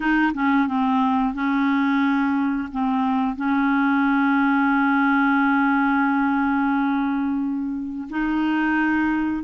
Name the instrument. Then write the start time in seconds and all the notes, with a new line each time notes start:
clarinet
0.00 D#4
0.34 C#4
0.67 C4
1.34 C#4
2.71 C4
3.36 C#4
8.09 D#4